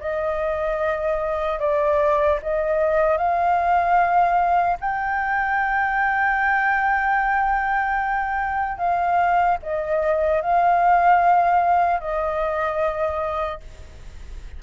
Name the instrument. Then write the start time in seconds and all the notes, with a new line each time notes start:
flute
0.00 D#5
1.59 D5
2.42 D#5
3.17 F5
4.80 G5
8.78 F5
9.63 D#5
10.41 F5
12.00 D#5